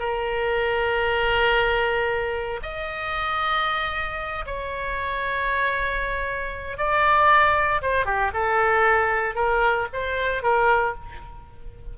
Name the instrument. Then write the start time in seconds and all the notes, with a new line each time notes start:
oboe
0.00 A#4
2.63 D#5
4.47 C#5
6.78 D5
7.82 C5
8.06 G4
8.34 A4
9.36 A#4
9.94 C5
10.43 A#4